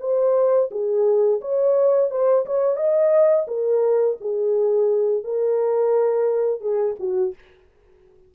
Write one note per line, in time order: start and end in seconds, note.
0.00 0.70 C5
0.71 1.41 G#4
1.41 2.11 C#5
2.11 2.45 C5
2.46 2.76 C#5
2.76 3.46 D#5
3.48 4.17 A#4
4.21 5.24 G#4
5.24 6.61 A#4
6.61 6.95 G#4
7.00 7.34 F#4